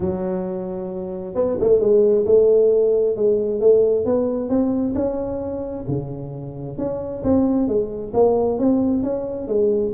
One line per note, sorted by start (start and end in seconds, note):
0.00 1.34 F#3
1.34 1.57 B3
1.60 1.79 A3
1.79 2.25 G#3
2.25 3.15 A3
3.15 3.60 G#3
3.60 4.05 A3
4.05 4.49 B3
4.49 4.94 C4
4.95 5.85 C#4
5.87 6.78 C#3
6.78 7.23 C#4
7.23 7.68 C4
7.68 8.13 G#3
8.13 8.58 A#3
8.58 9.03 C4
9.03 9.47 C#4
9.47 9.92 G#3